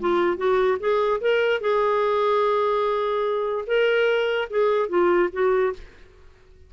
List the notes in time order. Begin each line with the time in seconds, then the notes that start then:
0.00 F4
0.37 F#4
0.80 G#4
1.21 A#4
1.61 G#4
3.67 A#4
4.50 G#4
4.89 F4
5.32 F#4